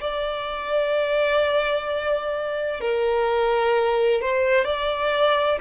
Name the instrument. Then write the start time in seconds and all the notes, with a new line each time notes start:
violin
0.00 D5
2.80 A#4
4.21 C5
4.65 D5